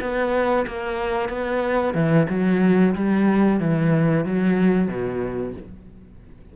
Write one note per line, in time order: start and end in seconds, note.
0.00 0.65 B3
0.67 1.28 A#3
1.28 1.94 B3
1.94 2.26 E3
2.29 2.94 F#3
2.95 3.60 G3
3.60 4.25 E3
4.25 4.87 F#3
4.87 5.53 B2